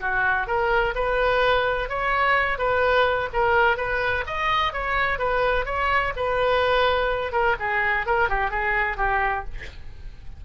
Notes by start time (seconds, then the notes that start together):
0.00 F#4
0.47 A#4
0.95 B4
1.89 C#5
2.58 B4
3.32 A#4
3.76 B4
4.26 D#5
4.72 C#5
5.18 B4
5.65 C#5
6.16 B4
7.32 A#4
7.59 G#4
8.06 A#4
8.29 G4
8.50 G#4
8.97 G4